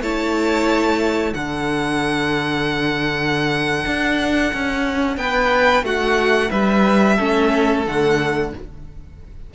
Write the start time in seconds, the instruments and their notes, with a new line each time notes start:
0.00 cello A3, viola E4, violin C#5 A5
1.33 cello D3, viola D4, violin A4 F#5
3.86 cello D4
4.53 cello C#4
5.17 cello B3, violin B4 G5
5.82 cello A3, violin F#4 F#5
6.50 cello G3, violin B4 E5
7.16 cello A3, viola C#4, violin A4
7.86 cello D3, viola A3, violin F#5